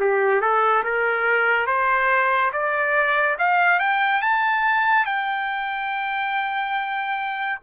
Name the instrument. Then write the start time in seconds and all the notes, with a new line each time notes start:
trumpet
0.00 G4
0.41 A4
0.84 A#4
1.67 C5
2.53 D5
3.39 F5
3.80 G5
4.22 A5
5.06 G5